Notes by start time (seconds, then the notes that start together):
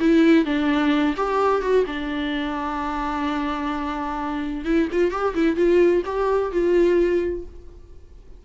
0.00 E4
0.45 D4
1.17 G4
1.62 F#4
1.86 D4
4.65 E4
4.92 F4
5.11 G4
5.35 E4
5.56 F4
6.06 G4
6.52 F4